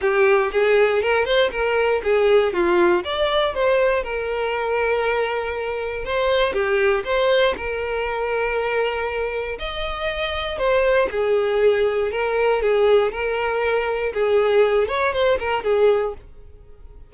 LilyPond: \new Staff \with { instrumentName = "violin" } { \time 4/4 \tempo 4 = 119 g'4 gis'4 ais'8 c''8 ais'4 | gis'4 f'4 d''4 c''4 | ais'1 | c''4 g'4 c''4 ais'4~ |
ais'2. dis''4~ | dis''4 c''4 gis'2 | ais'4 gis'4 ais'2 | gis'4. cis''8 c''8 ais'8 gis'4 | }